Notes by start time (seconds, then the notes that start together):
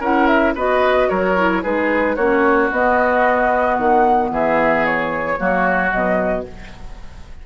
0.00 C#4 E4 A#4 F#5
0.27 E5
0.54 B3 F#4 B4 D#5
1.09 F#3 A#4 C#5
1.36 E4
1.62 G#3 D#4 G#4 B4
2.15 A#3 C#4 F#4 C#5
2.71 B3 D#5
3.76 D#3 F#5
4.30 E3 G#4 E5
4.85 C#5
5.37 F#3 A#3 F#4
5.88 B2 F#3 D#5